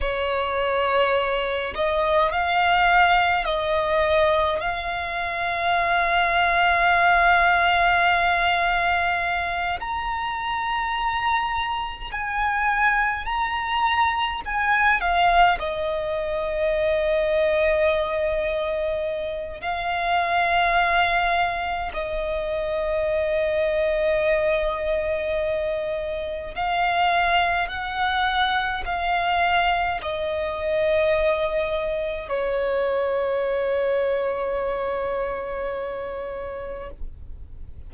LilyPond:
\new Staff \with { instrumentName = "violin" } { \time 4/4 \tempo 4 = 52 cis''4. dis''8 f''4 dis''4 | f''1~ | f''8 ais''2 gis''4 ais''8~ | ais''8 gis''8 f''8 dis''2~ dis''8~ |
dis''4 f''2 dis''4~ | dis''2. f''4 | fis''4 f''4 dis''2 | cis''1 | }